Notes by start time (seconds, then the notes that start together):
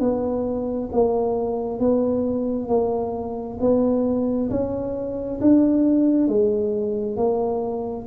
0.00 B3
0.93 A#3
1.80 B3
2.69 A#3
3.60 B3
4.51 C#4
5.41 D4
6.28 G#3
7.17 A#3